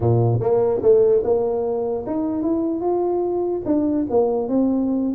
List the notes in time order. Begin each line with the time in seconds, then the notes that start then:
0.00 A#2
0.40 A#3
0.81 A3
1.23 A#3
2.06 D#4
2.42 E4
2.81 F4
3.65 D4
4.10 A#3
4.48 C4